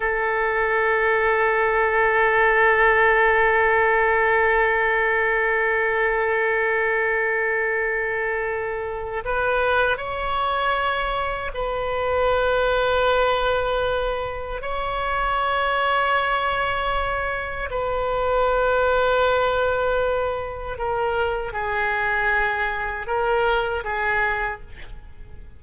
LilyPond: \new Staff \with { instrumentName = "oboe" } { \time 4/4 \tempo 4 = 78 a'1~ | a'1~ | a'1 | b'4 cis''2 b'4~ |
b'2. cis''4~ | cis''2. b'4~ | b'2. ais'4 | gis'2 ais'4 gis'4 | }